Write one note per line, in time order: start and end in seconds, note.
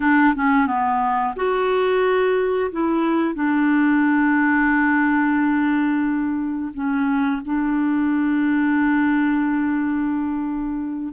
0.00 0.34 D4
0.35 0.66 C#4
0.66 1.34 B3
1.35 2.70 F#4
2.72 3.35 E4
3.35 6.72 D4
6.74 7.41 C#4
7.45 11.13 D4